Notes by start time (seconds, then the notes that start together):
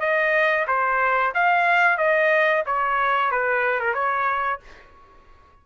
0.00 D#5
0.67 C5
1.34 F5
1.98 D#5
2.66 C#5
3.31 B4
3.80 A#4
3.94 C#5